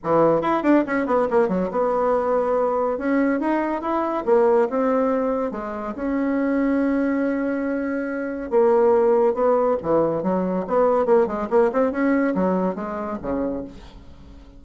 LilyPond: \new Staff \with { instrumentName = "bassoon" } { \time 4/4 \tempo 4 = 141 e4 e'8 d'8 cis'8 b8 ais8 fis8 | b2. cis'4 | dis'4 e'4 ais4 c'4~ | c'4 gis4 cis'2~ |
cis'1 | ais2 b4 e4 | fis4 b4 ais8 gis8 ais8 c'8 | cis'4 fis4 gis4 cis4 | }